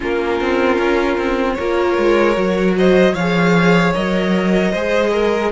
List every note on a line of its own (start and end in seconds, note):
0.00 0.40 A#3
0.00 1.58 C#4
0.00 1.57 F4
0.00 1.53 A#4
0.40 0.78 C4
0.78 1.17 C#4
1.17 1.57 C4
1.53 2.34 F4
1.53 2.76 A#4
1.53 2.71 C#5
1.59 1.97 A#3
1.97 2.36 G#3
2.34 3.14 F#3
2.34 3.13 F#4
2.77 3.13 C5
2.77 3.14 D#5
3.13 3.93 F3
3.13 3.94 G#4
3.13 4.71 C#5
3.13 3.93 F5
3.94 4.73 F#3
3.94 4.73 A#4
3.94 5.51 D#5
4.71 5.51 G#3
4.71 5.51 G#4
4.71 5.10 C5
5.12 5.51 A#4